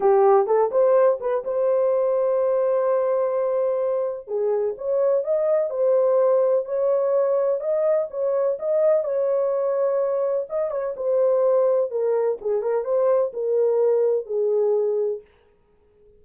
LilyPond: \new Staff \with { instrumentName = "horn" } { \time 4/4 \tempo 4 = 126 g'4 a'8 c''4 b'8 c''4~ | c''1~ | c''4 gis'4 cis''4 dis''4 | c''2 cis''2 |
dis''4 cis''4 dis''4 cis''4~ | cis''2 dis''8 cis''8 c''4~ | c''4 ais'4 gis'8 ais'8 c''4 | ais'2 gis'2 | }